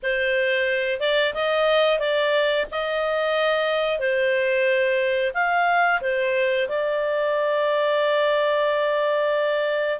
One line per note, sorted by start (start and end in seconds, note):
0.02 1.00 C5
1.00 1.33 D5
1.33 1.99 D#5
1.99 2.65 D5
2.71 3.99 D#5
3.99 5.32 C5
5.34 6.00 F5
6.01 6.68 C5
6.68 10.00 D5